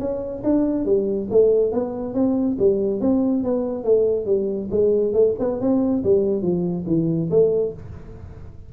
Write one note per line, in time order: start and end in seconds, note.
0.00 0.43 C#4
0.44 0.86 D4
0.86 1.28 G3
1.31 1.73 A3
1.73 2.14 B3
2.14 2.57 C4
2.59 3.01 G3
3.01 3.44 C4
3.44 3.84 B3
3.84 4.26 A3
4.26 4.69 G3
4.71 5.14 G#3
5.14 5.35 A3
5.39 5.61 B3
5.61 6.04 C4
6.04 6.42 G3
6.42 6.85 F3
6.87 7.30 E3
7.31 7.74 A3